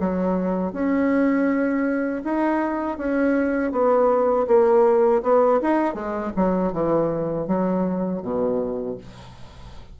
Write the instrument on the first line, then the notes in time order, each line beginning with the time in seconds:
bassoon
0.00 F#3
0.73 C#4
2.24 D#4
2.98 C#4
3.72 B3
4.47 A#3
5.22 B3
5.62 D#4
5.94 G#3
6.36 F#3
6.73 E3
7.47 F#3
8.22 B2